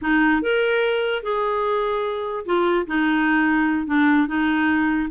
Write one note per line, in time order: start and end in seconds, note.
0.01 0.41 D#4
0.41 1.22 A#4
1.22 2.45 G#4
2.45 2.86 F4
2.86 3.86 D#4
3.86 4.27 D4
4.27 5.09 D#4